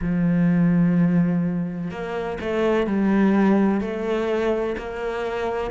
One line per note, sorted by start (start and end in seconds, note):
0.01 1.90 F3
1.90 2.38 A#3
2.40 2.87 A3
2.87 3.81 G3
3.81 4.76 A3
4.77 5.71 A#3